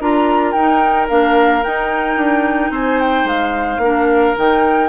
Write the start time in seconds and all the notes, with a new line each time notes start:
0.00 D4 F4 A#4 A#5
0.52 D#4 G5
1.08 A#3 D4 F5
1.63 D#4 G5
2.16 D4
2.70 C4 C5 G#5
3.01 G5
3.24 G#3 F5
3.78 A#3 D4
3.84 A#4
4.36 D#3 D#4 G5